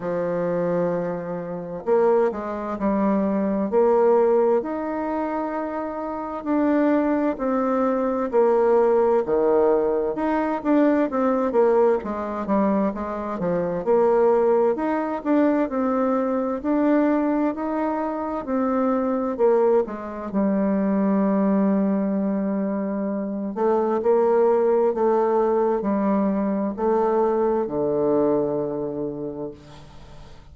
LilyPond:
\new Staff \with { instrumentName = "bassoon" } { \time 4/4 \tempo 4 = 65 f2 ais8 gis8 g4 | ais4 dis'2 d'4 | c'4 ais4 dis4 dis'8 d'8 | c'8 ais8 gis8 g8 gis8 f8 ais4 |
dis'8 d'8 c'4 d'4 dis'4 | c'4 ais8 gis8 g2~ | g4. a8 ais4 a4 | g4 a4 d2 | }